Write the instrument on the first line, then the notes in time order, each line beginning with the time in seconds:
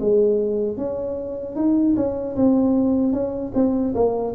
tuba
0.00 G#3
0.77 C#4
1.55 D#4
1.96 C#4
2.35 C4
3.12 C#4
3.54 C4
3.95 A#3